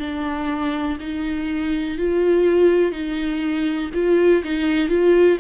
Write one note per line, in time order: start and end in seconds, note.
0.00 0.98 D4
1.00 1.98 D#4
1.98 2.92 F4
2.92 3.90 D#4
3.94 4.44 F4
4.44 4.89 D#4
4.89 5.38 F4